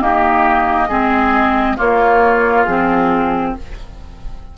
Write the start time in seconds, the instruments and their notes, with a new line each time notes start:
0.00 clarinet A#3, bassoon D#4, oboe G4, flute D#5
0.88 bassoon G#3, clarinet C4, oboe G#4
1.76 clarinet A#3, bassoon A#3, oboe F4, flute C#5
2.64 bassoon F3, clarinet C4, flute G#4